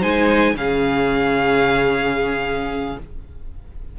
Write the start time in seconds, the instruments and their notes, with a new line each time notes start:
0.00 cello G#3, viola D#4, violin C5 G#5
0.54 cello C#3, viola C#4, violin G#4 F5